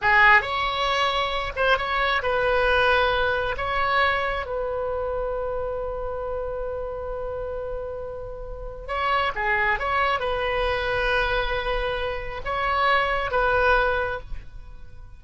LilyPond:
\new Staff \with { instrumentName = "oboe" } { \time 4/4 \tempo 4 = 135 gis'4 cis''2~ cis''8 c''8 | cis''4 b'2. | cis''2 b'2~ | b'1~ |
b'1 | cis''4 gis'4 cis''4 b'4~ | b'1 | cis''2 b'2 | }